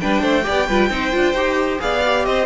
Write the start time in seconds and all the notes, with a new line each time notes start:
0.00 G3 D4 B4 G5
0.21 A3 C5
0.43 B3 G4 D5
0.67 G3 F4 B4
0.89 C4 D#4 C5
1.12 D4 F4
1.33 D#4 G4
1.79 B3 G#4 D5 F5
2.05 G4
2.25 C4 C5 D#5